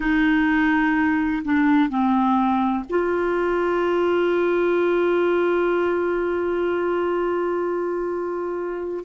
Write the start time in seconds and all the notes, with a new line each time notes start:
0.00 D#4
1.44 D4
1.89 C4
2.89 F4